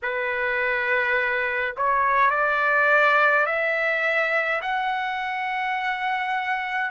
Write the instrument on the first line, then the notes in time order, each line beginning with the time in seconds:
trumpet
0.02 B4
1.76 C#5
2.30 D5
3.46 E5
4.61 F#5